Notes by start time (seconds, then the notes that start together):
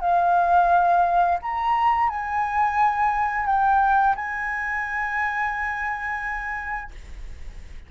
0.00 F5
1.42 A#5
2.09 G#5
3.46 G5
4.15 G#5